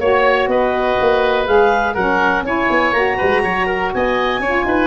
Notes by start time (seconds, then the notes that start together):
0.00 A#3 F#4 C#5
0.47 B3 B4 D#5
1.01 A#3
1.46 G#3 G#4 F5
1.94 F#3 C#4 A#4 F#5
2.42 C#4 E4 C#5 G#5
2.70 B3
2.92 A#3 F#4 A#5
3.17 G#3 B4
3.44 F#3 C#5
3.67 A#4
3.94 B3 D#5 G#5
4.39 C#4 F4 C#5
4.65 D#4 B4